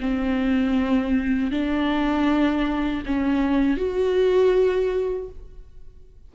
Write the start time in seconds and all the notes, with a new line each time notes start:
0.00 C4
1.51 D4
3.06 C#4
3.77 F#4